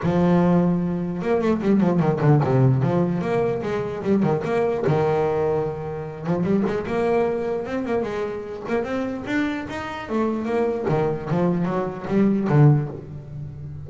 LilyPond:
\new Staff \with { instrumentName = "double bass" } { \time 4/4 \tempo 4 = 149 f2. ais8 a8 | g8 f8 dis8 d8 c4 f4 | ais4 gis4 g8 dis8 ais4 | dis2.~ dis8 f8 |
g8 gis8 ais2 c'8 ais8 | gis4. ais8 c'4 d'4 | dis'4 a4 ais4 dis4 | f4 fis4 g4 d4 | }